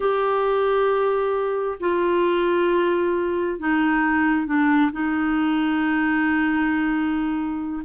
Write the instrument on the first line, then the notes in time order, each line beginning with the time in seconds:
clarinet
0.00 G4
1.80 F4
3.59 D#4
4.46 D4
4.91 D#4